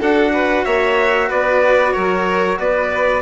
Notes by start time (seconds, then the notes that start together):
0.00 D4 F#4 A4 F#5
0.33 B4
0.65 A#3 C#5 E5
1.29 B3 B4 D5
1.93 F#3 A#4 C#5
2.59 B3 B4 D5